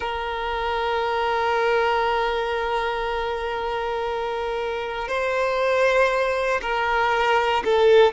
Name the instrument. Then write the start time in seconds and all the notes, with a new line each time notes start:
violin
0.00 A#4
5.08 C5
6.61 A#4
7.64 A4